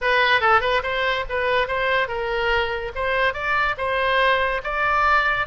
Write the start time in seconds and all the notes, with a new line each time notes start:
0.01 B4
0.40 A4
0.60 B4
0.82 C5
1.29 B4
1.67 C5
2.08 A#4
2.95 C5
3.33 D5
3.77 C5
4.63 D5